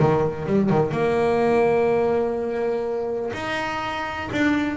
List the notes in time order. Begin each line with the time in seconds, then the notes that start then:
0.00 D#3
0.46 G3
0.70 D#3
0.92 A#3
3.34 D#4
4.32 D4